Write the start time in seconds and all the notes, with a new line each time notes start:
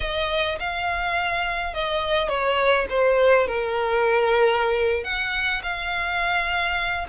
0.00 D#5
0.59 F5
1.73 D#5
2.28 C#5
2.89 C5
3.47 A#4
5.03 F#5
5.62 F5